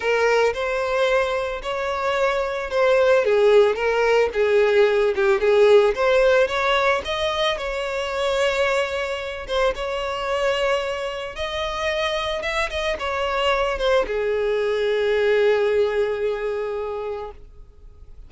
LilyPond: \new Staff \with { instrumentName = "violin" } { \time 4/4 \tempo 4 = 111 ais'4 c''2 cis''4~ | cis''4 c''4 gis'4 ais'4 | gis'4. g'8 gis'4 c''4 | cis''4 dis''4 cis''2~ |
cis''4. c''8 cis''2~ | cis''4 dis''2 e''8 dis''8 | cis''4. c''8 gis'2~ | gis'1 | }